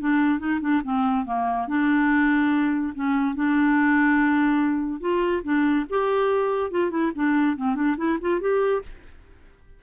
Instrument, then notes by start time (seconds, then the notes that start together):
clarinet
0.00 D4
0.39 D#4
0.61 D4
0.84 C4
1.25 A#3
1.68 D4
2.95 C#4
3.35 D4
5.00 F4
5.44 D4
5.90 G4
6.71 F4
6.91 E4
7.15 D4
7.56 C4
7.75 D4
7.97 E4
8.21 F4
8.40 G4